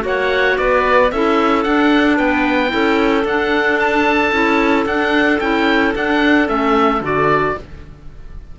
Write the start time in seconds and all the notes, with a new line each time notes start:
0.00 A#3 F#4 C#5
0.06 F#5
0.57 B3 B4 D5
1.11 C#4 E4 A4 E5
1.63 D4 F#5
2.17 B3 B4 G5
2.68 C#4 E4 A4
3.24 D4 F#5
3.79 A5
4.32 C#4 E4
4.85 D4 F#5
5.39 C#4 E4 G5
5.94 D4 F#5
6.46 A3 C#4 E5
7.01 D3 F#4 D5